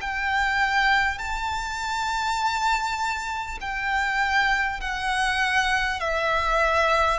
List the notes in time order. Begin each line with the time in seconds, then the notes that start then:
0.00 G5
1.18 A5
3.60 G5
4.80 F#5
5.99 E5